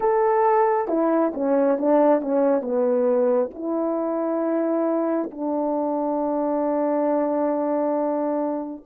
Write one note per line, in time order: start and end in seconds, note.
0.00 0.88 A4
0.88 1.32 E4
1.34 1.78 C#4
1.78 2.21 D4
2.21 2.61 C#4
2.61 3.50 B3
3.53 5.30 E4
5.30 8.83 D4